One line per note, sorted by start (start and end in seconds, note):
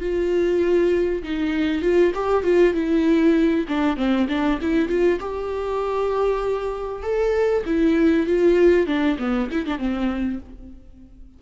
0.00 1.22 F4
1.23 1.82 D#4
1.82 2.12 F4
2.15 2.43 G4
2.43 2.74 F4
2.74 3.66 E4
3.68 3.96 D4
3.96 4.27 C4
4.29 4.59 D4
4.61 4.89 E4
4.89 5.19 F4
5.20 7.02 G4
7.02 7.64 A4
7.66 8.27 E4
8.27 8.87 F4
8.87 9.17 D4
9.19 9.49 B3
9.51 9.66 E4
9.66 9.78 D4
9.78 10.39 C4